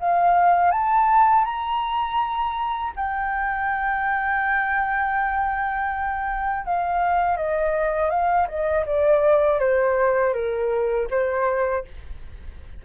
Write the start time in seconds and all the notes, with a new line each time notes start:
0.00 F5
0.72 A5
1.45 A#5
2.97 G5
6.66 F5
7.37 D#5
8.10 F5
8.48 D#5
8.87 D5
9.60 C5
10.34 A#4
11.11 C5